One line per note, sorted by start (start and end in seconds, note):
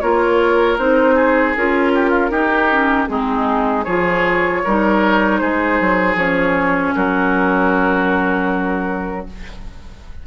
0.00 0.78 A#3
0.00 0.78 F4
0.00 1.15 A#4
0.00 0.77 C#5
0.78 1.55 C4
0.78 1.55 D#4
0.78 1.55 C5
1.15 1.92 G#4
1.56 2.30 C#4
1.56 2.31 F4
1.56 3.08 A#4
1.95 2.10 G4
2.10 2.29 F4
2.30 3.07 D#4
2.30 2.70 D#4
2.30 3.08 G4
2.70 3.07 C#4
3.07 3.86 G#3
3.07 3.84 C4
3.07 3.85 D#4
3.07 3.84 G#4
3.84 4.63 F3
3.84 4.64 F4
3.84 4.62 G#4
3.84 5.38 C#5
4.64 5.41 G3
4.64 6.18 D#4
4.64 5.41 A#4
5.38 5.79 G#3
5.38 6.95 G#4
5.38 6.15 C5
5.80 6.15 F#3
6.15 6.92 F3
6.15 9.26 C#4
6.15 6.94 C#5
6.95 9.27 F#3
6.95 9.26 F#4
6.95 9.26 A#4